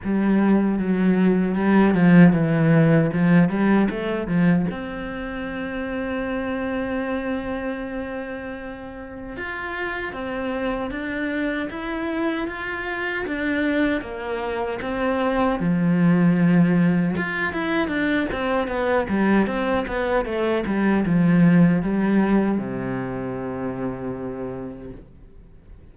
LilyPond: \new Staff \with { instrumentName = "cello" } { \time 4/4 \tempo 4 = 77 g4 fis4 g8 f8 e4 | f8 g8 a8 f8 c'2~ | c'1 | f'4 c'4 d'4 e'4 |
f'4 d'4 ais4 c'4 | f2 f'8 e'8 d'8 c'8 | b8 g8 c'8 b8 a8 g8 f4 | g4 c2. | }